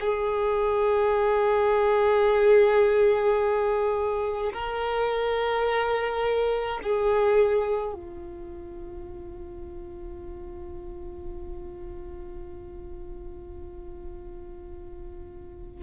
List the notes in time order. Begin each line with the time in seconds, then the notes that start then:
0.00 G#4
4.53 A#4
6.83 G#4
7.95 F4